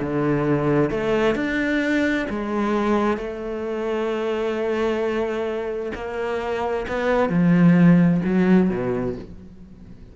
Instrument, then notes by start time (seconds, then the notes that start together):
cello
0.00 D3
0.91 A3
1.35 D4
2.30 G#3
3.17 A3
5.95 A#3
6.88 B3
7.29 F3
8.25 F#3
8.70 B2